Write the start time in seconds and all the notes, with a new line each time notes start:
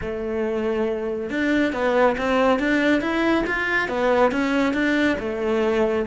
0.01 A3
1.29 D4
1.73 B3
2.17 C4
2.59 D4
3.01 E4
3.46 F4
3.88 B3
4.31 C#4
4.73 D4
5.19 A3